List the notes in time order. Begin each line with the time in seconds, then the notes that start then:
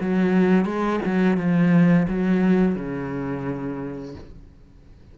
0.00 F#3
0.65 G#3
1.05 F#3
1.37 F3
2.08 F#3
2.75 C#3